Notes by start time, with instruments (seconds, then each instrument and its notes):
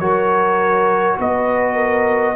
0.00 tuba F#3, trombone F#4, horn A#4, trumpet C#5
1.19 tuba B3, horn B4, trumpet D#5
1.75 horn A#4